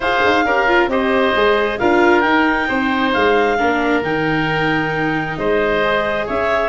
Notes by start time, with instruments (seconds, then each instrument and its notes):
0.00 tuba F4, viola G#4, oboe C5, clarinet F5
0.25 tuba D#4
0.44 tuba C#4, viola G4, oboe A#4
0.67 viola F4
0.87 tuba C4, viola G4, oboe C5, clarinet D#5
1.35 tuba G#3, viola G#4
1.78 tuba D4, viola F4, oboe A#4, clarinet F5
2.20 viola D#4, tuba D#4, clarinet G5
2.67 tuba C4, oboe C5
3.13 tuba G#3, clarinet F5
3.58 tuba A#3, viola D4, oboe A#4
4.02 tuba D#3, viola D#4, clarinet G5
5.37 tuba G#3, oboe C5, clarinet D#5
5.82 viola G#4
6.26 tuba C#4, oboe C#5, clarinet E5